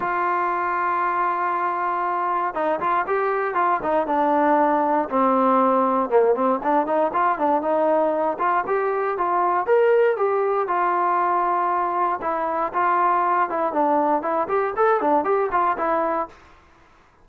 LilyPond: \new Staff \with { instrumentName = "trombone" } { \time 4/4 \tempo 4 = 118 f'1~ | f'4 dis'8 f'8 g'4 f'8 dis'8 | d'2 c'2 | ais8 c'8 d'8 dis'8 f'8 d'8 dis'4~ |
dis'8 f'8 g'4 f'4 ais'4 | g'4 f'2. | e'4 f'4. e'8 d'4 | e'8 g'8 a'8 d'8 g'8 f'8 e'4 | }